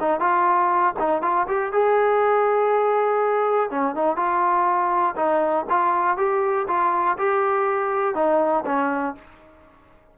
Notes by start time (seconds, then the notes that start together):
0.00 D#4
0.20 F4
0.99 D#4
1.22 F4
1.47 G4
1.72 G#4
3.70 C#4
3.95 D#4
4.16 F4
5.16 D#4
5.69 F4
6.17 G4
6.67 F4
7.18 G4
8.15 D#4
8.66 C#4